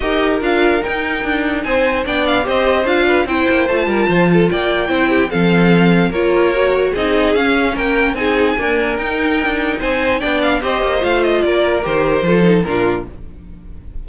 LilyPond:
<<
  \new Staff \with { instrumentName = "violin" } { \time 4/4 \tempo 4 = 147 dis''4 f''4 g''2 | gis''4 g''8 f''8 dis''4 f''4 | g''4 a''2 g''4~ | g''4 f''2 cis''4~ |
cis''4 dis''4 f''4 g''4 | gis''2 g''2 | gis''4 g''8 f''8 dis''4 f''8 dis''8 | d''4 c''2 ais'4 | }
  \new Staff \with { instrumentName = "violin" } { \time 4/4 ais'1 | c''4 d''4 c''4. b'8 | c''4. ais'8 c''8 a'8 d''4 | c''8 g'8 a'2 ais'4~ |
ais'4 gis'2 ais'4 | gis'4 ais'2. | c''4 d''4 c''2 | ais'2 a'4 f'4 | }
  \new Staff \with { instrumentName = "viola" } { \time 4/4 g'4 f'4 dis'2~ | dis'4 d'4 g'4 f'4 | e'4 f'2. | e'4 c'2 f'4 |
fis'4 dis'4 cis'2 | dis'4 ais4 dis'2~ | dis'4 d'4 g'4 f'4~ | f'4 g'4 f'8 dis'8 d'4 | }
  \new Staff \with { instrumentName = "cello" } { \time 4/4 dis'4 d'4 dis'4 d'4 | c'4 b4 c'4 d'4 | c'8 ais8 a8 g8 f4 ais4 | c'4 f2 ais4~ |
ais4 c'4 cis'4 ais4 | c'4 d'4 dis'4~ dis'16 d'8. | c'4 b4 c'8 ais8 a4 | ais4 dis4 f4 ais,4 | }
>>